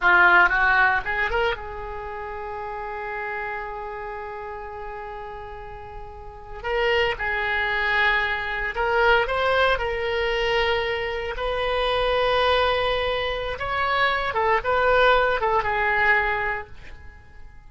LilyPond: \new Staff \with { instrumentName = "oboe" } { \time 4/4 \tempo 4 = 115 f'4 fis'4 gis'8 ais'8 gis'4~ | gis'1~ | gis'1~ | gis'8. ais'4 gis'2~ gis'16~ |
gis'8. ais'4 c''4 ais'4~ ais'16~ | ais'4.~ ais'16 b'2~ b'16~ | b'2 cis''4. a'8 | b'4. a'8 gis'2 | }